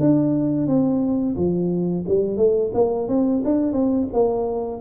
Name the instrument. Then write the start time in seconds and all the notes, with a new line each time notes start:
tuba
0.00 D4
0.67 C4
1.36 F3
2.08 G3
2.37 A3
2.74 A#3
3.08 C4
3.45 D4
3.73 C4
4.13 A#3